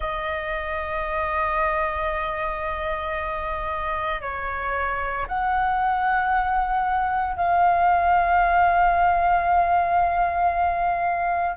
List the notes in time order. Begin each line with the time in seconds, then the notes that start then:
0.00 D#5
4.21 C#5
5.27 F#5
7.36 F5